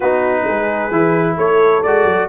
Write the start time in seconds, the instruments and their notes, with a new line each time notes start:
0.00 tuba B3, trombone D#4, horn F#4, trumpet B4
0.45 tuba G#3, horn G#4
0.90 tuba E3, trombone E4
1.37 tuba A3, horn A4, trumpet C#5
1.82 tuba G#3, trombone F#4, trumpet D5
2.04 tuba F#3